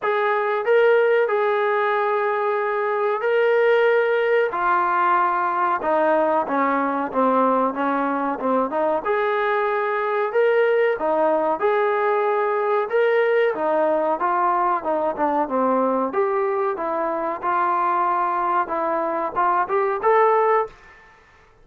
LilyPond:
\new Staff \with { instrumentName = "trombone" } { \time 4/4 \tempo 4 = 93 gis'4 ais'4 gis'2~ | gis'4 ais'2 f'4~ | f'4 dis'4 cis'4 c'4 | cis'4 c'8 dis'8 gis'2 |
ais'4 dis'4 gis'2 | ais'4 dis'4 f'4 dis'8 d'8 | c'4 g'4 e'4 f'4~ | f'4 e'4 f'8 g'8 a'4 | }